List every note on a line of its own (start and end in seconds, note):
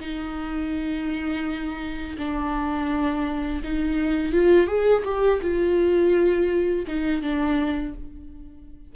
0.00 2.17 D#4
2.18 3.62 D4
3.63 4.32 D#4
4.32 4.67 F4
4.67 5.03 G#4
5.04 5.41 G4
5.41 6.86 F4
6.87 7.22 D#4
7.22 7.94 D4